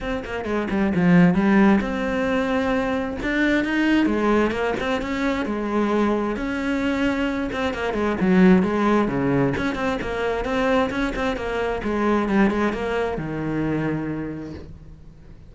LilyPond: \new Staff \with { instrumentName = "cello" } { \time 4/4 \tempo 4 = 132 c'8 ais8 gis8 g8 f4 g4 | c'2. d'4 | dis'4 gis4 ais8 c'8 cis'4 | gis2 cis'2~ |
cis'8 c'8 ais8 gis8 fis4 gis4 | cis4 cis'8 c'8 ais4 c'4 | cis'8 c'8 ais4 gis4 g8 gis8 | ais4 dis2. | }